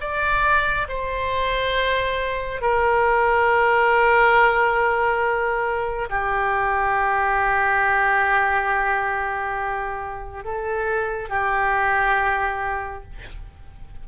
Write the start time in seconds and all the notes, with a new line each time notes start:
0.00 D5
0.88 C5
2.61 A#4
6.09 G4
10.44 A4
11.29 G4